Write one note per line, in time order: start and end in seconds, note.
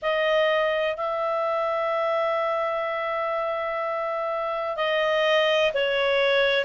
0.02 0.96 D#5
0.96 4.76 E5
4.76 5.71 D#5
5.74 6.64 C#5